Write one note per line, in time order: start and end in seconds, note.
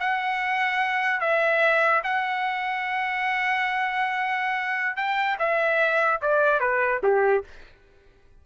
0.00 1.21 F#5
1.21 2.02 E5
2.04 4.97 F#5
4.97 5.38 G5
5.39 6.21 E5
6.22 6.60 D5
6.60 7.01 B4
7.04 7.44 G4